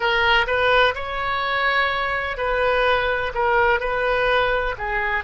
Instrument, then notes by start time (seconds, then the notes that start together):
oboe
0.00 A#4
0.46 B4
0.94 C#5
2.37 B4
3.34 A#4
3.80 B4
4.78 G#4